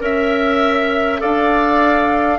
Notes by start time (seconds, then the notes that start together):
0.00 C#4 A#4 E5
1.19 D4 A4 D5 F5